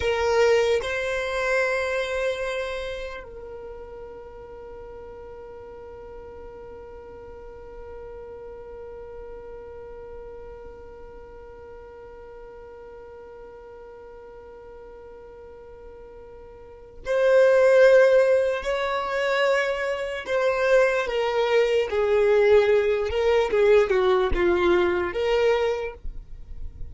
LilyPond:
\new Staff \with { instrumentName = "violin" } { \time 4/4 \tempo 4 = 74 ais'4 c''2. | ais'1~ | ais'1~ | ais'1~ |
ais'1~ | ais'4 c''2 cis''4~ | cis''4 c''4 ais'4 gis'4~ | gis'8 ais'8 gis'8 fis'8 f'4 ais'4 | }